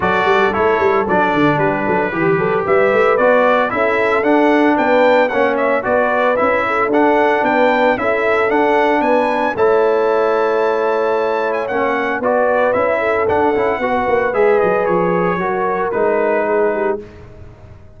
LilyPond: <<
  \new Staff \with { instrumentName = "trumpet" } { \time 4/4 \tempo 4 = 113 d''4 cis''4 d''4 b'4~ | b'4 e''4 d''4 e''4 | fis''4 g''4 fis''8 e''8 d''4 | e''4 fis''4 g''4 e''4 |
fis''4 gis''4 a''2~ | a''4.~ a''16 gis''16 fis''4 d''4 | e''4 fis''2 e''8 dis''8 | cis''2 b'2 | }
  \new Staff \with { instrumentName = "horn" } { \time 4/4 a'2. g'8 a'8 | g'8 a'8 b'2 a'4~ | a'4 b'4 cis''4 b'4~ | b'8 a'4. b'4 a'4~ |
a'4 b'4 cis''2~ | cis''2. b'4~ | b'8 a'4. b'2~ | b'4 ais'2 gis'8 g'8 | }
  \new Staff \with { instrumentName = "trombone" } { \time 4/4 fis'4 e'4 d'2 | g'2 fis'4 e'4 | d'2 cis'4 fis'4 | e'4 d'2 e'4 |
d'2 e'2~ | e'2 cis'4 fis'4 | e'4 d'8 e'8 fis'4 gis'4~ | gis'4 fis'4 dis'2 | }
  \new Staff \with { instrumentName = "tuba" } { \time 4/4 fis8 g8 a8 g8 fis8 d8 g8 fis8 | e8 fis8 g8 a8 b4 cis'4 | d'4 b4 ais4 b4 | cis'4 d'4 b4 cis'4 |
d'4 b4 a2~ | a2 ais4 b4 | cis'4 d'8 cis'8 b8 ais8 gis8 fis8 | f4 fis4 gis2 | }
>>